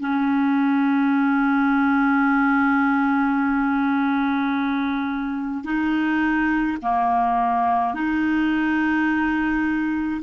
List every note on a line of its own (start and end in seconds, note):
0.00 5.64 C#4
5.64 6.77 D#4
6.82 7.94 A#3
7.94 10.20 D#4